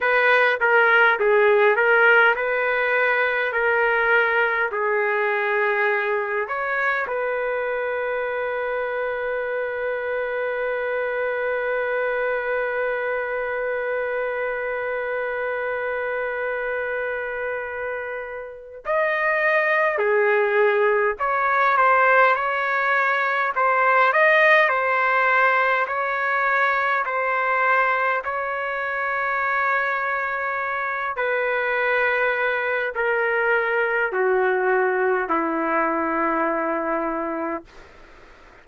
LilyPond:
\new Staff \with { instrumentName = "trumpet" } { \time 4/4 \tempo 4 = 51 b'8 ais'8 gis'8 ais'8 b'4 ais'4 | gis'4. cis''8 b'2~ | b'1~ | b'1 |
dis''4 gis'4 cis''8 c''8 cis''4 | c''8 dis''8 c''4 cis''4 c''4 | cis''2~ cis''8 b'4. | ais'4 fis'4 e'2 | }